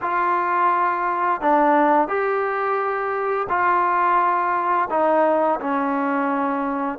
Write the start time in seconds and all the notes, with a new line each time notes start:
0.01 F4
1.41 D4
2.07 G4
3.49 F4
4.90 D#4
5.60 C#4